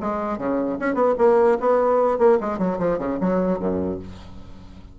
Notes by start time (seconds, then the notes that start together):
0.00 G#3
0.37 C#3
0.79 C#4
0.94 B3
1.18 A#3
1.59 B3
2.18 A#3
2.40 G#3
2.58 F#3
2.78 F3
2.98 C#3
3.20 F#3
3.59 F#2